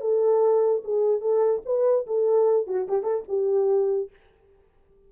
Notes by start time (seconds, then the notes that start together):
0.00 A4
0.84 G#4
1.20 A4
1.65 B4
2.06 A4
2.67 F#4
2.88 G4
3.03 A4
3.28 G4